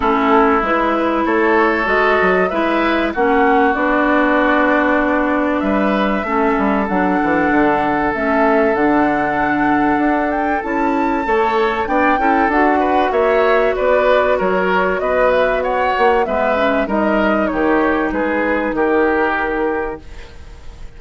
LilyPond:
<<
  \new Staff \with { instrumentName = "flute" } { \time 4/4 \tempo 4 = 96 a'4 b'4 cis''4 dis''4 | e''4 fis''4 d''2~ | d''4 e''2 fis''4~ | fis''4 e''4 fis''2~ |
fis''8 g''8 a''2 g''4 | fis''4 e''4 d''4 cis''4 | dis''8 e''8 fis''4 e''4 dis''4 | cis''4 b'4 ais'2 | }
  \new Staff \with { instrumentName = "oboe" } { \time 4/4 e'2 a'2 | b'4 fis'2.~ | fis'4 b'4 a'2~ | a'1~ |
a'2 cis''4 d''8 a'8~ | a'8 b'8 cis''4 b'4 ais'4 | b'4 cis''4 b'4 ais'4 | g'4 gis'4 g'2 | }
  \new Staff \with { instrumentName = "clarinet" } { \time 4/4 cis'4 e'2 fis'4 | e'4 cis'4 d'2~ | d'2 cis'4 d'4~ | d'4 cis'4 d'2~ |
d'4 e'4 a'4 d'8 e'8 | fis'1~ | fis'2 b8 cis'8 dis'4~ | dis'1 | }
  \new Staff \with { instrumentName = "bassoon" } { \time 4/4 a4 gis4 a4 gis8 fis8 | gis4 ais4 b2~ | b4 g4 a8 g8 fis8 e8 | d4 a4 d2 |
d'4 cis'4 a4 b8 cis'8 | d'4 ais4 b4 fis4 | b4. ais8 gis4 g4 | dis4 gis4 dis2 | }
>>